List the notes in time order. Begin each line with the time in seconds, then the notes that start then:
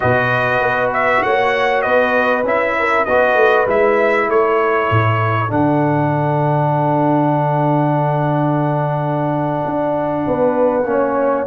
0.00 B2 F#4 B4 D#5
0.61 B3
0.93 E5
1.22 A#3 C#5 F#5
1.82 B3 B4 D#5
2.43 C#4 E4 E5
2.78 A#4
3.05 B3 F#4 B4 D#5
3.34 A3
3.66 G#3 E4 E5
4.28 A3 A4 C#5
4.90 A2
5.47 D3 D4 F#5
9.65 D4
10.26 B3 B4
10.84 A#3 C#4 C#5